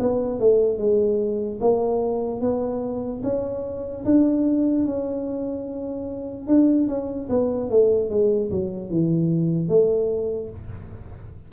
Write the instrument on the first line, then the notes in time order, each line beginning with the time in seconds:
tuba
0.00 B3
0.40 A3
0.79 G#3
1.61 A#3
2.41 B3
3.24 C#4
4.05 D4
4.85 C#4
6.48 D4
6.88 C#4
7.30 B3
7.70 A3
8.10 G#3
8.51 F#3
8.90 E3
9.69 A3